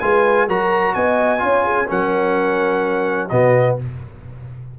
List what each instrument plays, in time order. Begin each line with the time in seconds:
0.00 tuba G#3, trombone F4, horn B4, trumpet G#5
0.48 tuba F#3, trombone F#4, horn A#4, trumpet A#5
0.95 tuba B3, horn D#5, trumpet G#5
1.39 tuba C#4, trombone F4, horn C#5
1.65 horn G#4
1.88 tuba F#3, trombone C#4, horn A#4, trumpet F#5
3.29 tuba B2, trombone B3, horn F#4, trumpet D#5